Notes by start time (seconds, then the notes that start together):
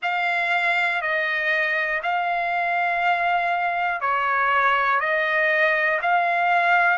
0.02 F5
1.01 D#5
2.02 F5
4.00 C#5
5.00 D#5
6.02 F5